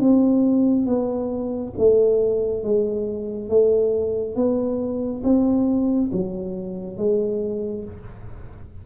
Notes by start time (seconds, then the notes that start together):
0.00 C4
0.87 B3
1.78 A3
2.64 G#3
3.49 A3
4.36 B3
5.24 C4
6.13 F#3
6.98 G#3